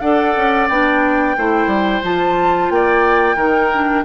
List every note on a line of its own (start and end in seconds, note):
0.00 0.34 D4
0.00 0.70 A4
0.00 1.36 D5
0.00 0.67 F#5
0.36 0.69 C#4
0.68 1.36 B3
0.68 1.37 D4
0.68 2.03 G5
1.37 1.67 A3
1.37 2.03 E4
1.37 2.72 C5
1.67 2.00 G3
2.03 2.70 F3
2.03 3.36 F4
2.03 2.70 A5
2.70 3.36 A#3
2.70 3.36 D5
2.70 4.04 G5
3.36 4.03 D#3
3.36 3.70 D#4
3.36 4.04 A#4
3.74 4.04 D4